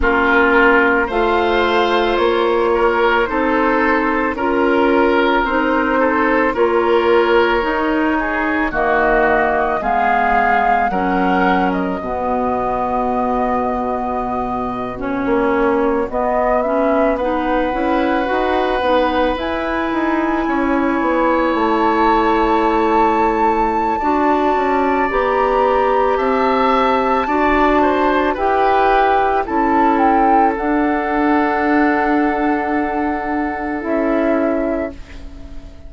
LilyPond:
<<
  \new Staff \with { instrumentName = "flute" } { \time 4/4 \tempo 4 = 55 ais'4 f''4 cis''4 c''4 | ais'4 c''4 cis''2 | dis''4 f''4 fis''8. dis''4~ dis''16~ | dis''4.~ dis''16 cis''4 dis''8 e''8 fis''16~ |
fis''4.~ fis''16 gis''2 a''16~ | a''2. ais''4 | a''2 g''4 a''8 g''8 | fis''2. e''4 | }
  \new Staff \with { instrumentName = "oboe" } { \time 4/4 f'4 c''4. ais'8 a'4 | ais'4. a'8 ais'4. gis'8 | fis'4 gis'4 ais'4 fis'4~ | fis'2.~ fis'8. b'16~ |
b'2~ b'8. cis''4~ cis''16~ | cis''2 d''2 | e''4 d''8 c''8 b'4 a'4~ | a'1 | }
  \new Staff \with { instrumentName = "clarinet" } { \time 4/4 cis'4 f'2 dis'4 | f'4 dis'4 f'4 dis'4 | ais4 b4 cis'4 b4~ | b4.~ b16 cis'4 b8 cis'8 dis'16~ |
dis'16 e'8 fis'8 dis'8 e'2~ e'16~ | e'2 fis'4 g'4~ | g'4 fis'4 g'4 e'4 | d'2. e'4 | }
  \new Staff \with { instrumentName = "bassoon" } { \time 4/4 ais4 a4 ais4 c'4 | cis'4 c'4 ais4 dis'4 | dis4 gis4 fis4 b,4~ | b,2 ais8. b4~ b16~ |
b16 cis'8 dis'8 b8 e'8 dis'8 cis'8 b8 a16~ | a2 d'8 cis'8 b4 | c'4 d'4 e'4 cis'4 | d'2. cis'4 | }
>>